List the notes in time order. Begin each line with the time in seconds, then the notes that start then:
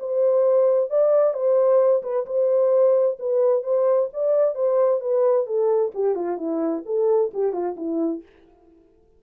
0.00 C5
0.91 D5
1.34 C5
2.03 B4
2.26 C5
3.20 B4
3.64 C5
4.14 D5
4.55 C5
5.01 B4
5.47 A4
5.95 G4
6.16 F4
6.38 E4
6.86 A4
7.34 G4
7.53 F4
7.77 E4